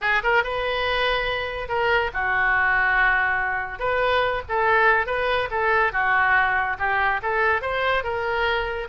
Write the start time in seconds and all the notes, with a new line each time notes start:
0.01 G#4
0.23 A#4
0.43 B4
1.68 A#4
2.13 F#4
3.79 B4
4.49 A4
5.06 B4
5.50 A4
5.92 F#4
6.78 G4
7.22 A4
7.61 C5
8.03 A#4